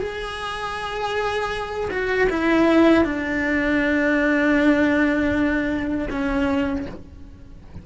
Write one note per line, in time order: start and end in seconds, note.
0.00 1.90 G#4
1.91 2.29 F#4
2.30 3.04 E4
3.04 6.08 D4
6.10 6.86 C#4